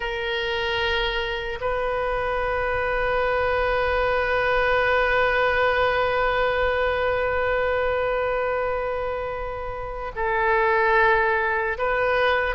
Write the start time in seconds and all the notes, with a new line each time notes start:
0.00 A#4
1.60 B4
10.15 A4
11.78 B4